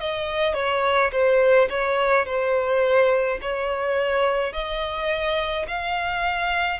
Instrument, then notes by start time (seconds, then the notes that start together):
violin
0.00 D#5
0.54 C#5
1.12 C5
1.69 C#5
2.25 C5
3.42 C#5
4.53 D#5
5.68 F5